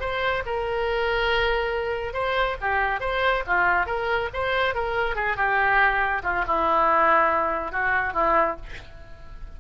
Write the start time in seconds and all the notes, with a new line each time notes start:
0.00 C5
0.46 A#4
2.13 C5
2.61 G4
3.00 C5
3.46 F4
3.86 A#4
4.33 C5
4.75 A#4
5.15 G#4
5.36 G4
6.23 F4
6.47 E4
7.72 F#4
8.13 E4